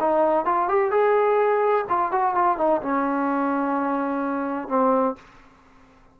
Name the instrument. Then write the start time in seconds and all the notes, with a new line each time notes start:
trombone
0.00 D#4
0.45 F4
0.69 G4
0.91 G#4
1.89 F4
2.12 F#4
2.35 F4
2.58 D#4
2.82 C#4
4.68 C4